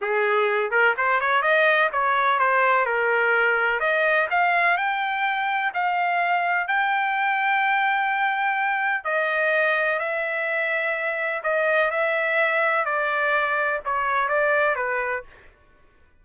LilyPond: \new Staff \with { instrumentName = "trumpet" } { \time 4/4 \tempo 4 = 126 gis'4. ais'8 c''8 cis''8 dis''4 | cis''4 c''4 ais'2 | dis''4 f''4 g''2 | f''2 g''2~ |
g''2. dis''4~ | dis''4 e''2. | dis''4 e''2 d''4~ | d''4 cis''4 d''4 b'4 | }